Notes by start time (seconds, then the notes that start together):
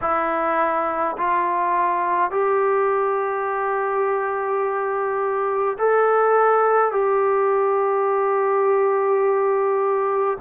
0.01 E4
1.17 F4
2.31 G4
5.78 A4
6.91 G4